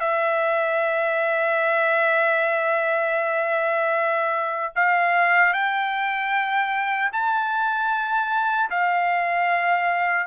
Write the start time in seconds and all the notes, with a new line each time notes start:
0.00 E5
4.76 F5
5.53 G5
7.13 A5
8.71 F5